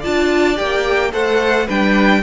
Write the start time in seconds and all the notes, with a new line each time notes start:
0.00 D4 F4 D5 A5
0.55 A#3 G4 G5
1.13 A3 A4 C5 F#5
1.66 G3 D4 B4 G5